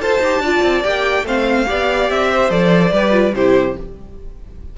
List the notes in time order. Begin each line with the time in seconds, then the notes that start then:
0.00 F4 A4 C5 A5
0.19 D#4 G4
0.39 D4 F4 D5
0.63 C4
0.84 A#3 G4 G5
1.24 A3 C4 C5 F5
1.66 B3 G4 D5
2.11 C4 E5
2.31 C5
2.50 F3 A4 D5
2.92 G3 G4 B4
3.11 F4
3.35 C3 E4 G4 C5